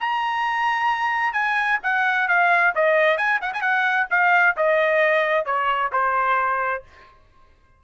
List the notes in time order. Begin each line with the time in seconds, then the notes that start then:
0.00 A#5
1.33 G#5
1.83 F#5
2.28 F5
2.75 D#5
3.17 G#5
3.41 F#5
3.53 G#5
3.61 F#5
4.10 F5
4.56 D#5
5.45 C#5
5.92 C5